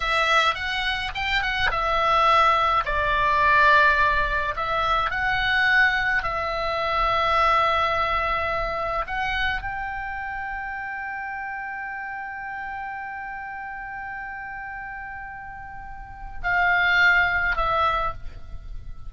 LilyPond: \new Staff \with { instrumentName = "oboe" } { \time 4/4 \tempo 4 = 106 e''4 fis''4 g''8 fis''8 e''4~ | e''4 d''2. | e''4 fis''2 e''4~ | e''1 |
fis''4 g''2.~ | g''1~ | g''1~ | g''4 f''2 e''4 | }